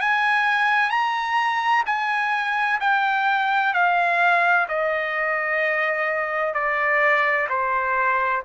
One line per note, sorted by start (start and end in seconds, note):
0.00 0.89 G#5
0.89 1.83 A#5
1.86 2.80 G#5
2.80 3.73 G5
3.73 4.67 F5
4.68 6.54 D#5
6.54 7.47 D5
7.49 8.43 C5